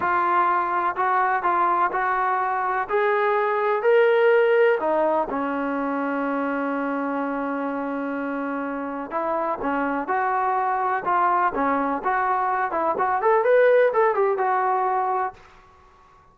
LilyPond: \new Staff \with { instrumentName = "trombone" } { \time 4/4 \tempo 4 = 125 f'2 fis'4 f'4 | fis'2 gis'2 | ais'2 dis'4 cis'4~ | cis'1~ |
cis'2. e'4 | cis'4 fis'2 f'4 | cis'4 fis'4. e'8 fis'8 a'8 | b'4 a'8 g'8 fis'2 | }